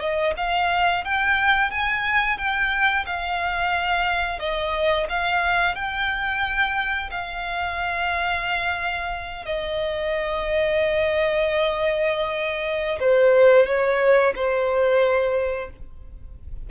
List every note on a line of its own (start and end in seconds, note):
0.00 0.34 D#5
0.37 1.04 F5
1.04 1.71 G5
1.71 2.38 G#5
2.38 3.05 G5
3.06 4.39 F5
4.39 5.07 D#5
5.09 5.75 F5
5.75 7.10 G5
7.11 9.45 F5
9.45 12.99 D#5
13.00 13.66 C5
13.66 14.34 C#5
14.35 15.70 C5